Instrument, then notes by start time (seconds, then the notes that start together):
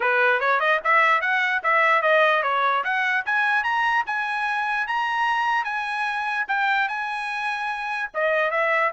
trumpet
0.00 B4
0.40 C#5
0.60 D#5
0.84 E5
1.21 F#5
1.63 E5
2.02 D#5
2.43 C#5
2.84 F#5
3.25 G#5
3.63 A#5
4.06 G#5
4.87 A#5
5.64 G#5
6.48 G5
6.88 G#5
8.14 D#5
8.50 E5